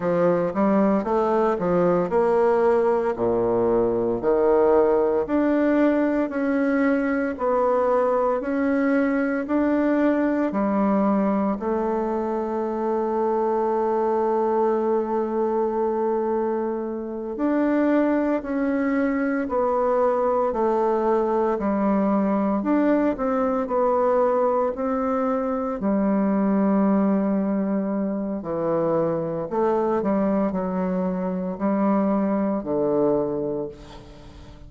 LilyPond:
\new Staff \with { instrumentName = "bassoon" } { \time 4/4 \tempo 4 = 57 f8 g8 a8 f8 ais4 ais,4 | dis4 d'4 cis'4 b4 | cis'4 d'4 g4 a4~ | a1~ |
a8 d'4 cis'4 b4 a8~ | a8 g4 d'8 c'8 b4 c'8~ | c'8 g2~ g8 e4 | a8 g8 fis4 g4 d4 | }